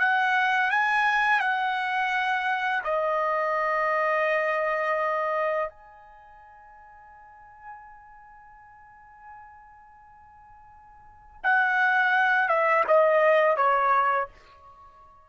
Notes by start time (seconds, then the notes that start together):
0.00 F#5
0.71 G#5
1.40 F#5
2.84 D#5
5.70 G#5
11.44 F#5
12.49 E5
12.88 D#5
13.57 C#5